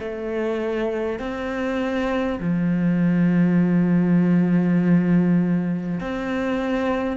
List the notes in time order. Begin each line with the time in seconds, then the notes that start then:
0.00 A3
1.19 C4
2.41 F3
6.01 C4